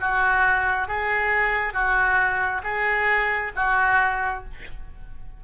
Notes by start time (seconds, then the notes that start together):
0.00 F#4
0.87 G#4
1.73 F#4
2.64 G#4
3.56 F#4